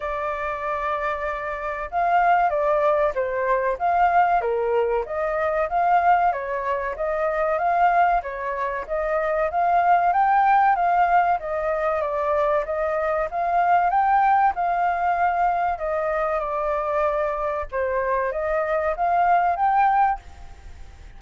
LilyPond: \new Staff \with { instrumentName = "flute" } { \time 4/4 \tempo 4 = 95 d''2. f''4 | d''4 c''4 f''4 ais'4 | dis''4 f''4 cis''4 dis''4 | f''4 cis''4 dis''4 f''4 |
g''4 f''4 dis''4 d''4 | dis''4 f''4 g''4 f''4~ | f''4 dis''4 d''2 | c''4 dis''4 f''4 g''4 | }